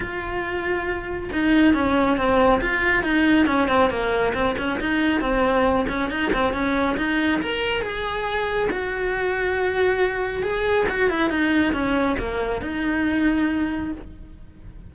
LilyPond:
\new Staff \with { instrumentName = "cello" } { \time 4/4 \tempo 4 = 138 f'2. dis'4 | cis'4 c'4 f'4 dis'4 | cis'8 c'8 ais4 c'8 cis'8 dis'4 | c'4. cis'8 dis'8 c'8 cis'4 |
dis'4 ais'4 gis'2 | fis'1 | gis'4 fis'8 e'8 dis'4 cis'4 | ais4 dis'2. | }